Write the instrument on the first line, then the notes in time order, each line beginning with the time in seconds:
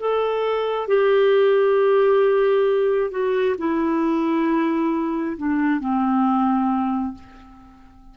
clarinet
0.00 A4
0.88 G4
3.11 F#4
3.58 E4
5.38 D4
5.80 C4